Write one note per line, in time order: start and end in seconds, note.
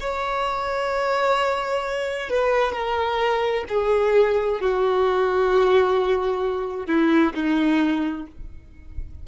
0.00 2.30 C#5
2.30 2.72 B4
2.72 3.64 A#4
3.68 4.60 G#4
4.60 6.86 F#4
6.86 7.33 E4
7.34 8.26 D#4